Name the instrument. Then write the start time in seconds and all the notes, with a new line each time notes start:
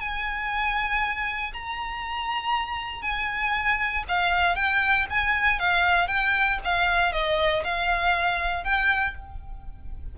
violin
0.00 G#5
1.53 A#5
3.02 G#5
4.08 F5
4.56 G5
5.10 G#5
5.59 F5
6.08 G5
6.64 F5
7.13 D#5
7.64 F5
8.64 G5